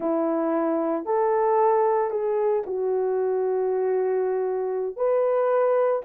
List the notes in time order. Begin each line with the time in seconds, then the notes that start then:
0.00 E4
1.05 A4
2.10 G#4
2.66 F#4
4.96 B4